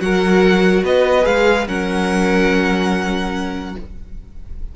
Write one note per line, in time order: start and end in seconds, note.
0.00 0.83 F#3
0.00 1.22 F#4
0.00 0.84 A#4
0.00 0.84 F#5
0.83 1.25 B3
0.83 1.67 B4
0.83 1.25 D#5
1.22 1.67 G#3
1.22 1.64 G#4
1.22 1.67 F5
1.67 3.75 F#3
1.67 3.76 C#4
1.67 3.75 A#4
1.67 3.76 F#5